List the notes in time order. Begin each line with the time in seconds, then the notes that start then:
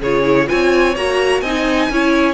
0.00 C#3 F4 G#4 C#5
0.23 E4
0.47 C4 F4 C#5 G#5
0.96 A#3 F#4 A#5
1.41 C4 D#4 D#5 G#5
1.90 C#4 E4 C#5